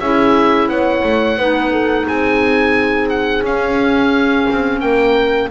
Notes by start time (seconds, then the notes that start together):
0.00 C#4 E4 G#4 E5
0.68 B3 C#5 F#5
1.04 A3
1.37 B3 D#4 B4
1.72 A4
2.06 C4 G#4 G#5
3.09 F#5
3.43 C#4 F5
4.50 C4
4.80 A#3 A#4 G5